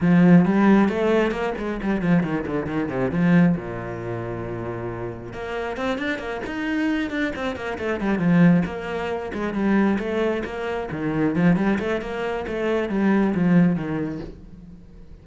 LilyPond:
\new Staff \with { instrumentName = "cello" } { \time 4/4 \tempo 4 = 135 f4 g4 a4 ais8 gis8 | g8 f8 dis8 d8 dis8 c8 f4 | ais,1 | ais4 c'8 d'8 ais8 dis'4. |
d'8 c'8 ais8 a8 g8 f4 ais8~ | ais4 gis8 g4 a4 ais8~ | ais8 dis4 f8 g8 a8 ais4 | a4 g4 f4 dis4 | }